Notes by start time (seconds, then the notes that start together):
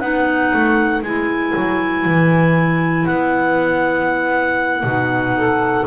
0.00 B3 D#4 B4 F#5
0.53 A3
1.03 G#3 E4 G#5
1.56 F#3
2.05 E3
3.06 B3 F#5
4.84 B2 D#4
5.36 A4